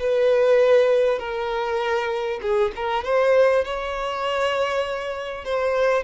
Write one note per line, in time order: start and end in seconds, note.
0.00 1.19 B4
1.19 2.40 A#4
2.42 2.72 G#4
2.76 3.04 A#4
3.04 3.64 C5
3.64 5.45 C#5
5.45 6.03 C5